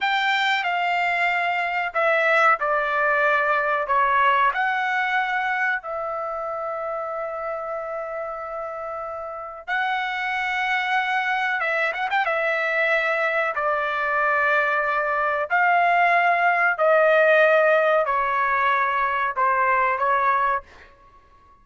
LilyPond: \new Staff \with { instrumentName = "trumpet" } { \time 4/4 \tempo 4 = 93 g''4 f''2 e''4 | d''2 cis''4 fis''4~ | fis''4 e''2.~ | e''2. fis''4~ |
fis''2 e''8 fis''16 g''16 e''4~ | e''4 d''2. | f''2 dis''2 | cis''2 c''4 cis''4 | }